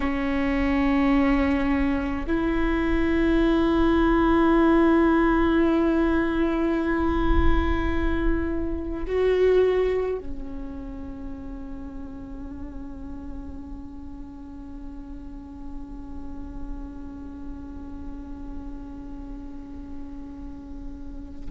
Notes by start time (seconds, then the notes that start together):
0.00 C#4
2.26 E4
9.06 F#4
10.18 C#4